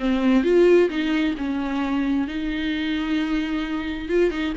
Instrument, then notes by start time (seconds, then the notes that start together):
viola
0.00 C4
0.44 F4
0.90 D#4
1.38 C#4
2.28 D#4
4.09 F4
4.31 D#4